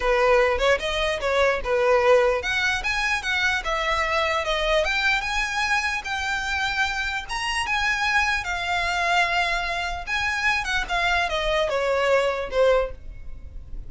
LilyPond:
\new Staff \with { instrumentName = "violin" } { \time 4/4 \tempo 4 = 149 b'4. cis''8 dis''4 cis''4 | b'2 fis''4 gis''4 | fis''4 e''2 dis''4 | g''4 gis''2 g''4~ |
g''2 ais''4 gis''4~ | gis''4 f''2.~ | f''4 gis''4. fis''8 f''4 | dis''4 cis''2 c''4 | }